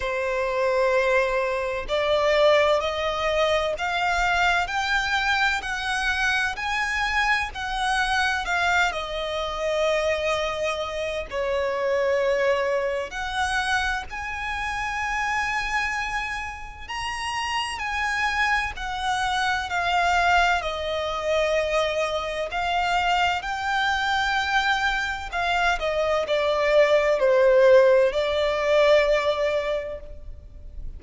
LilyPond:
\new Staff \with { instrumentName = "violin" } { \time 4/4 \tempo 4 = 64 c''2 d''4 dis''4 | f''4 g''4 fis''4 gis''4 | fis''4 f''8 dis''2~ dis''8 | cis''2 fis''4 gis''4~ |
gis''2 ais''4 gis''4 | fis''4 f''4 dis''2 | f''4 g''2 f''8 dis''8 | d''4 c''4 d''2 | }